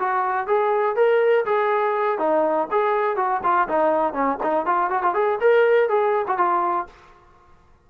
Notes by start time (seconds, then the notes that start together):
0.00 F#4
0.47 G#4
0.96 A#4
1.46 G#4
2.19 D#4
2.71 G#4
3.17 F#4
3.44 F4
3.69 D#4
4.14 C#4
4.43 D#4
4.66 F4
4.91 F#4
5.03 F4
5.15 G#4
5.41 A#4
5.89 G#4
6.28 F#4
6.38 F4